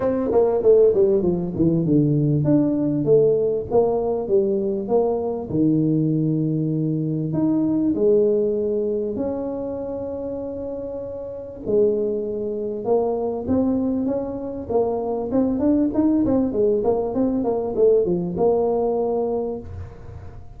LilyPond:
\new Staff \with { instrumentName = "tuba" } { \time 4/4 \tempo 4 = 98 c'8 ais8 a8 g8 f8 e8 d4 | d'4 a4 ais4 g4 | ais4 dis2. | dis'4 gis2 cis'4~ |
cis'2. gis4~ | gis4 ais4 c'4 cis'4 | ais4 c'8 d'8 dis'8 c'8 gis8 ais8 | c'8 ais8 a8 f8 ais2 | }